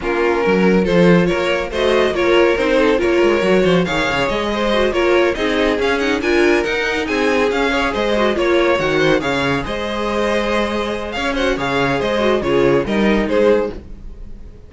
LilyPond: <<
  \new Staff \with { instrumentName = "violin" } { \time 4/4 \tempo 4 = 140 ais'2 c''4 cis''4 | dis''4 cis''4 c''4 cis''4~ | cis''4 f''4 dis''4. cis''8~ | cis''8 dis''4 f''8 fis''8 gis''4 fis''8~ |
fis''8 gis''4 f''4 dis''4 cis''8~ | cis''8 fis''4 f''4 dis''4.~ | dis''2 f''8 fis''8 f''4 | dis''4 cis''4 dis''4 c''4 | }
  \new Staff \with { instrumentName = "violin" } { \time 4/4 f'4 ais'4 a'4 ais'4 | c''4 ais'4. a'8 ais'4~ | ais'8 c''8 cis''4. c''4 ais'8~ | ais'8 gis'2 ais'4.~ |
ais'8 gis'4. cis''8 c''4 cis''8~ | cis''4 c''8 cis''4 c''4.~ | c''2 cis''8 c''8 cis''4 | c''4 gis'4 ais'4 gis'4 | }
  \new Staff \with { instrumentName = "viola" } { \time 4/4 cis'2 f'2 | fis'4 f'4 dis'4 f'4 | fis'4 gis'2 fis'8 f'8~ | f'8 dis'4 cis'8 dis'8 f'4 dis'8~ |
dis'4. cis'8 gis'4 fis'8 f'8~ | f'8 fis'4 gis'2~ gis'8~ | gis'2~ gis'8 fis'8 gis'4~ | gis'8 fis'8 f'4 dis'2 | }
  \new Staff \with { instrumentName = "cello" } { \time 4/4 ais4 fis4 f4 ais4 | a4 ais4 c'4 ais8 gis8 | fis8 f8 dis8 cis8 gis4. ais8~ | ais8 c'4 cis'4 d'4 dis'8~ |
dis'8 c'4 cis'4 gis4 ais8~ | ais8 dis4 cis4 gis4.~ | gis2 cis'4 cis4 | gis4 cis4 g4 gis4 | }
>>